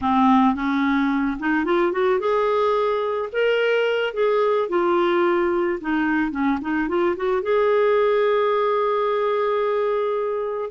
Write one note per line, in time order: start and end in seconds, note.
0.01 0.55 C4
0.55 1.37 C#4
1.39 1.64 D#4
1.64 1.91 F4
1.91 2.19 F#4
2.19 3.29 G#4
3.32 4.13 A#4
4.13 4.68 G#4
4.69 5.79 F4
5.80 6.31 D#4
6.31 6.59 C#4
6.61 6.88 D#4
6.88 7.15 F4
7.16 7.42 F#4
7.42 10.70 G#4